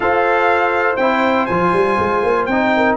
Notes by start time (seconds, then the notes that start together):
0.00 F4 A4 C5 F5
0.96 C4 E4 G5
1.46 F3 F4 G#5
1.72 G3
1.99 G#3
2.23 A#3
2.45 C4 D#4 G5
2.75 A#4